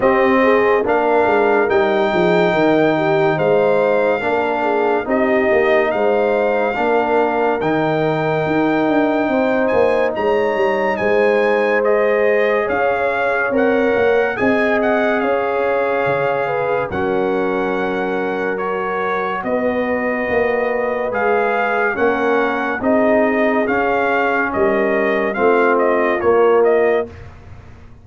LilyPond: <<
  \new Staff \with { instrumentName = "trumpet" } { \time 4/4 \tempo 4 = 71 dis''4 f''4 g''2 | f''2 dis''4 f''4~ | f''4 g''2~ g''8 gis''8 | ais''4 gis''4 dis''4 f''4 |
fis''4 gis''8 fis''8 f''2 | fis''2 cis''4 dis''4~ | dis''4 f''4 fis''4 dis''4 | f''4 dis''4 f''8 dis''8 cis''8 dis''8 | }
  \new Staff \with { instrumentName = "horn" } { \time 4/4 g'8 gis'8 ais'4. gis'8 ais'8 g'8 | c''4 ais'8 gis'8 g'4 c''4 | ais'2. c''4 | cis''4 c''2 cis''4~ |
cis''4 dis''4 cis''4. b'8 | ais'2. b'4~ | b'2 ais'4 gis'4~ | gis'4 ais'4 f'2 | }
  \new Staff \with { instrumentName = "trombone" } { \time 4/4 c'4 d'4 dis'2~ | dis'4 d'4 dis'2 | d'4 dis'2.~ | dis'2 gis'2 |
ais'4 gis'2. | cis'2 fis'2~ | fis'4 gis'4 cis'4 dis'4 | cis'2 c'4 ais4 | }
  \new Staff \with { instrumentName = "tuba" } { \time 4/4 c'4 ais8 gis8 g8 f8 dis4 | gis4 ais4 c'8 ais8 gis4 | ais4 dis4 dis'8 d'8 c'8 ais8 | gis8 g8 gis2 cis'4 |
c'8 ais8 c'4 cis'4 cis4 | fis2. b4 | ais4 gis4 ais4 c'4 | cis'4 g4 a4 ais4 | }
>>